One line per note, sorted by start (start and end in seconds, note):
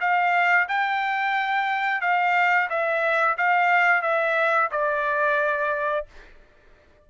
0.00 0.67 F5
0.68 2.01 G5
2.01 2.68 F5
2.69 3.37 E5
3.37 4.02 F5
4.02 4.69 E5
4.71 6.06 D5